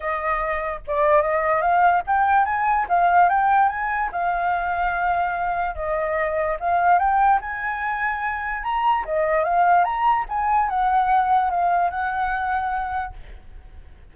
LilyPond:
\new Staff \with { instrumentName = "flute" } { \time 4/4 \tempo 4 = 146 dis''2 d''4 dis''4 | f''4 g''4 gis''4 f''4 | g''4 gis''4 f''2~ | f''2 dis''2 |
f''4 g''4 gis''2~ | gis''4 ais''4 dis''4 f''4 | ais''4 gis''4 fis''2 | f''4 fis''2. | }